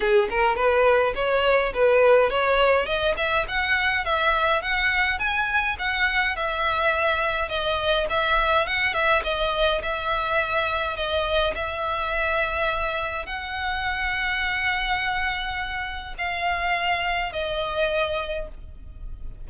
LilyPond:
\new Staff \with { instrumentName = "violin" } { \time 4/4 \tempo 4 = 104 gis'8 ais'8 b'4 cis''4 b'4 | cis''4 dis''8 e''8 fis''4 e''4 | fis''4 gis''4 fis''4 e''4~ | e''4 dis''4 e''4 fis''8 e''8 |
dis''4 e''2 dis''4 | e''2. fis''4~ | fis''1 | f''2 dis''2 | }